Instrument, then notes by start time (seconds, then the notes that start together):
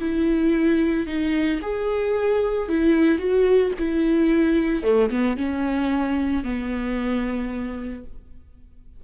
viola
0.00 E4
1.07 D#4
1.62 G#4
2.69 E4
3.19 F#4
3.79 E4
4.83 A3
5.10 B3
5.37 C#4
6.44 B3